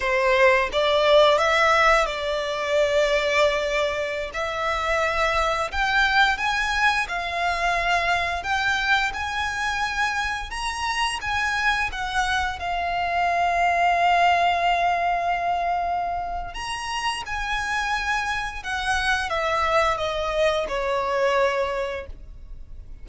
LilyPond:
\new Staff \with { instrumentName = "violin" } { \time 4/4 \tempo 4 = 87 c''4 d''4 e''4 d''4~ | d''2~ d''16 e''4.~ e''16~ | e''16 g''4 gis''4 f''4.~ f''16~ | f''16 g''4 gis''2 ais''8.~ |
ais''16 gis''4 fis''4 f''4.~ f''16~ | f''1 | ais''4 gis''2 fis''4 | e''4 dis''4 cis''2 | }